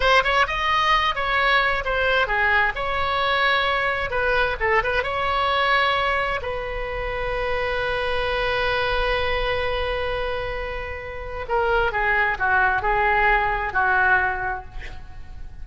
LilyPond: \new Staff \with { instrumentName = "oboe" } { \time 4/4 \tempo 4 = 131 c''8 cis''8 dis''4. cis''4. | c''4 gis'4 cis''2~ | cis''4 b'4 a'8 b'8 cis''4~ | cis''2 b'2~ |
b'1~ | b'1~ | b'4 ais'4 gis'4 fis'4 | gis'2 fis'2 | }